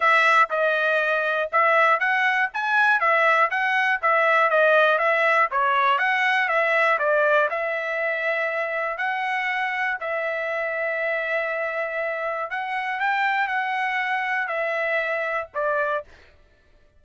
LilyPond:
\new Staff \with { instrumentName = "trumpet" } { \time 4/4 \tempo 4 = 120 e''4 dis''2 e''4 | fis''4 gis''4 e''4 fis''4 | e''4 dis''4 e''4 cis''4 | fis''4 e''4 d''4 e''4~ |
e''2 fis''2 | e''1~ | e''4 fis''4 g''4 fis''4~ | fis''4 e''2 d''4 | }